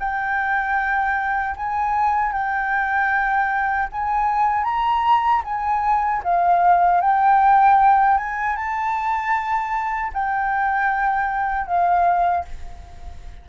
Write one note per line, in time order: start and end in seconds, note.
0.00 1.56 G5
1.57 2.33 G#5
2.33 3.89 G5
3.92 4.65 G#5
4.65 5.43 A#5
5.45 6.23 G#5
6.24 7.01 F5
7.01 8.18 G5
8.18 8.56 G#5
8.56 10.12 A5
10.14 11.67 G5
11.67 12.45 F5